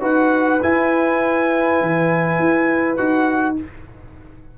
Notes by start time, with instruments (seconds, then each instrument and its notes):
0.00 tuba D#4, trombone F#4, horn B4, trumpet F#5
0.62 trombone E4, tuba E4, trumpet G#5
1.81 tuba E3
2.38 tuba E4
2.96 tuba D#4, trombone F#4, trumpet F#5